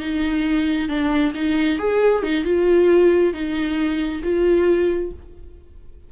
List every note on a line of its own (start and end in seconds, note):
0.00 0.89 D#4
0.89 1.33 D4
1.35 1.79 D#4
1.79 2.23 G#4
2.23 2.44 D#4
2.44 3.33 F4
3.34 4.22 D#4
4.23 5.12 F4